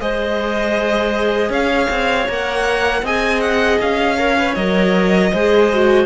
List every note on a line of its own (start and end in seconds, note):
0.00 1.49 G#3
0.00 2.28 G#4
0.00 1.50 C5
0.00 1.52 D#5
1.49 1.87 C#4
1.49 3.02 C#5
1.49 2.28 F5
1.90 2.28 C4
2.28 3.02 A#3
2.28 3.04 A#4
2.28 3.06 F#5
3.02 3.78 C4
3.02 4.18 G#4
3.02 4.16 D#5
3.02 3.41 G#5
3.41 3.79 F#5
3.81 4.56 C#4
3.81 4.54 F5
4.16 4.37 A#4
4.16 5.30 C#5
4.37 4.56 B4
4.54 5.32 F#3
4.54 5.33 A#4
4.54 6.06 D#5
5.32 6.06 G#3
5.32 5.72 G#4
5.32 6.06 C5
5.73 6.06 F#4